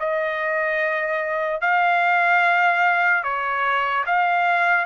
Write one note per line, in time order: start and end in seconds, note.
0.00 1.61 D#5
1.61 3.23 F5
3.24 4.05 C#5
4.07 4.85 F5